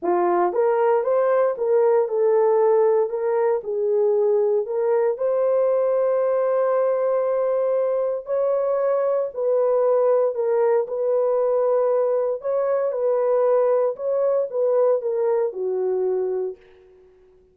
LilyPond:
\new Staff \with { instrumentName = "horn" } { \time 4/4 \tempo 4 = 116 f'4 ais'4 c''4 ais'4 | a'2 ais'4 gis'4~ | gis'4 ais'4 c''2~ | c''1 |
cis''2 b'2 | ais'4 b'2. | cis''4 b'2 cis''4 | b'4 ais'4 fis'2 | }